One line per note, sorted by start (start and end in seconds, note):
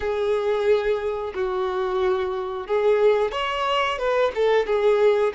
0.00 1.33 G#4
1.34 2.67 F#4
2.67 3.32 G#4
3.32 3.98 C#5
3.98 4.31 B4
4.35 4.66 A4
4.66 5.33 G#4